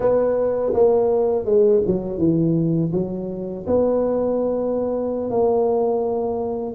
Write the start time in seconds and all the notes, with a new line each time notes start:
0.00 B3
0.73 A#3
1.45 G#3
1.86 F#3
2.18 E3
2.92 F#3
3.66 B3
5.30 A#3